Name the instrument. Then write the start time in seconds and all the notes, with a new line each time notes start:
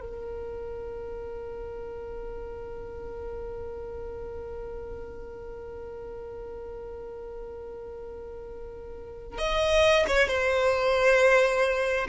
violin
0.00 A#4
9.38 D#5
10.07 C#5
10.27 C5